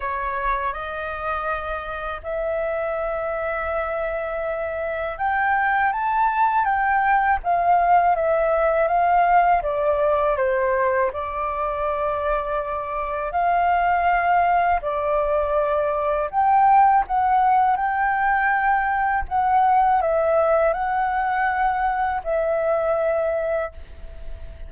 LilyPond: \new Staff \with { instrumentName = "flute" } { \time 4/4 \tempo 4 = 81 cis''4 dis''2 e''4~ | e''2. g''4 | a''4 g''4 f''4 e''4 | f''4 d''4 c''4 d''4~ |
d''2 f''2 | d''2 g''4 fis''4 | g''2 fis''4 e''4 | fis''2 e''2 | }